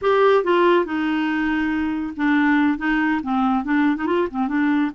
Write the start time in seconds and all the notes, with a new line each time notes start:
0.01 G4
0.44 F4
0.85 D#4
2.16 D4
2.78 D#4
3.22 C4
3.64 D4
3.96 D#4
4.06 F4
4.31 C4
4.48 D4